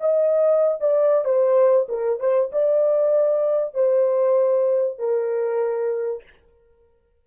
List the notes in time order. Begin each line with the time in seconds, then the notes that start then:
0.00 D#5
0.80 D5
1.24 C5
1.89 A#4
2.20 C5
2.52 D5
3.74 C5
4.99 A#4